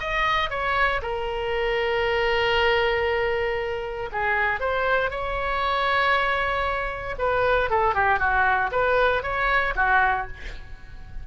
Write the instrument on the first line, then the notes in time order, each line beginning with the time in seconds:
oboe
0.00 D#5
0.50 C#5
1.02 A#4
4.12 G#4
4.60 C5
5.11 C#5
7.19 B4
7.70 A4
7.95 G4
8.19 F#4
8.72 B4
9.23 C#5
9.76 F#4